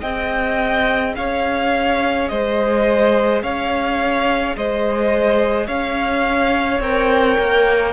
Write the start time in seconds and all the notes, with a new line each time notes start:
0.00 C4 G#4 D#5 G5
1.15 C#4 C#5 F5
2.28 G#3 C5 D#5
3.42 C#4 C#5 F5
4.56 G#3 C5 D#5
5.67 C#4 C#5 F5
6.80 C4 A#4 G5
7.39 A#3